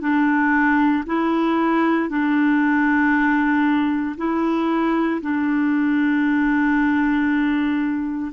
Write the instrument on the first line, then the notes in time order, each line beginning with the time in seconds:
clarinet
0.00 D4
1.06 E4
2.09 D4
4.17 E4
5.21 D4